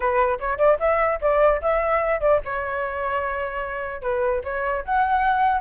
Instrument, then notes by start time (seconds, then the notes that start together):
flute
0.00 B4
0.39 C#5
0.57 D5
0.79 E5
1.21 D5
1.61 E5
2.20 D5
2.45 C#5
4.01 B4
4.44 C#5
4.84 F#5